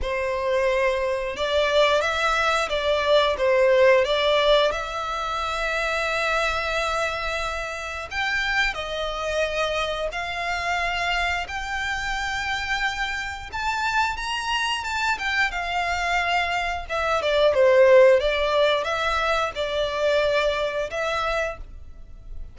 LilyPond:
\new Staff \with { instrumentName = "violin" } { \time 4/4 \tempo 4 = 89 c''2 d''4 e''4 | d''4 c''4 d''4 e''4~ | e''1 | g''4 dis''2 f''4~ |
f''4 g''2. | a''4 ais''4 a''8 g''8 f''4~ | f''4 e''8 d''8 c''4 d''4 | e''4 d''2 e''4 | }